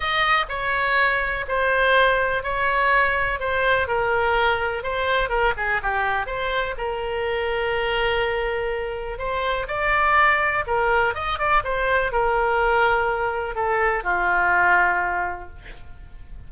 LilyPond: \new Staff \with { instrumentName = "oboe" } { \time 4/4 \tempo 4 = 124 dis''4 cis''2 c''4~ | c''4 cis''2 c''4 | ais'2 c''4 ais'8 gis'8 | g'4 c''4 ais'2~ |
ais'2. c''4 | d''2 ais'4 dis''8 d''8 | c''4 ais'2. | a'4 f'2. | }